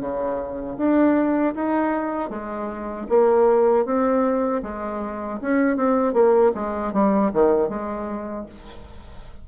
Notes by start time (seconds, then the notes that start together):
0.00 C#3
0.77 D4
1.55 D#4
2.30 G#3
3.09 A#3
3.85 C4
4.63 G#3
5.41 C#4
5.77 C4
6.13 A#3
6.55 G#3
6.93 G3
7.33 D#3
7.69 G#3